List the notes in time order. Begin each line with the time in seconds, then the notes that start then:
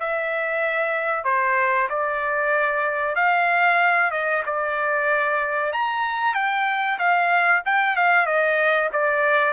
0.00 E5
1.25 C5
1.90 D5
3.16 F5
4.11 D#5
4.46 D5
5.73 A#5
6.35 G5
6.99 F5
7.66 G5
7.96 F5
8.27 D#5
8.93 D5